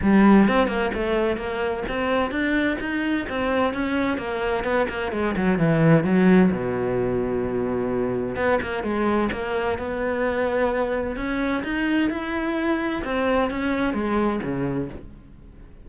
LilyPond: \new Staff \with { instrumentName = "cello" } { \time 4/4 \tempo 4 = 129 g4 c'8 ais8 a4 ais4 | c'4 d'4 dis'4 c'4 | cis'4 ais4 b8 ais8 gis8 fis8 | e4 fis4 b,2~ |
b,2 b8 ais8 gis4 | ais4 b2. | cis'4 dis'4 e'2 | c'4 cis'4 gis4 cis4 | }